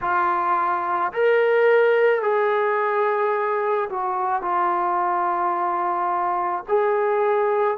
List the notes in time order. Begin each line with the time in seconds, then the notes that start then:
0.01 F4
1.13 A#4
2.22 G#4
3.89 F#4
4.41 F4
6.68 G#4